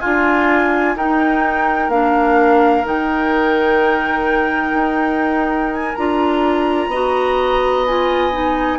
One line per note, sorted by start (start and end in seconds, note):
0.00 0.96 D4
0.00 0.95 F4
0.00 0.97 F4
0.00 0.96 G#5
0.96 1.89 D#4
0.96 1.90 D#4
0.96 6.90 A#4
0.96 1.90 G5
1.89 2.84 A#3
1.89 2.84 D4
1.89 2.85 F5
2.84 4.74 D#3
2.84 5.94 D#4
2.84 5.73 G5
4.74 5.93 D#4
5.73 5.95 G#5
5.95 6.87 D4
5.95 6.93 F4
5.95 7.86 A#5
6.87 8.78 B3
6.87 7.87 F#4
6.87 8.79 D#5
7.86 8.32 F4
7.86 8.79 G#5
8.32 8.79 D#4